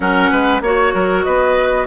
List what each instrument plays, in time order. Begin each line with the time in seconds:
0.00 bassoon F#3, clarinet C#4, oboe A#4, flute F#5
0.30 bassoon G#3, oboe B4
0.61 bassoon A#3, clarinet F#4, oboe C#5, flute C#5
0.93 bassoon F#3, oboe A#4
1.23 bassoon B3, oboe B4, flute D#5